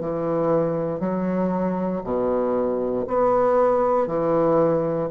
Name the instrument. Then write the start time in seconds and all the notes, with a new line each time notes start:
bassoon
0.00 E3
1.00 F#3
2.04 B2
3.07 B3
4.07 E3